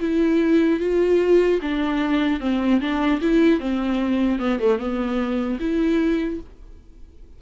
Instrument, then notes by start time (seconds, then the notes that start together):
viola
0.00 E4
0.80 F4
1.61 D4
2.40 C4
2.80 D4
3.21 E4
3.60 C4
4.39 B3
4.59 A3
4.79 B3
5.60 E4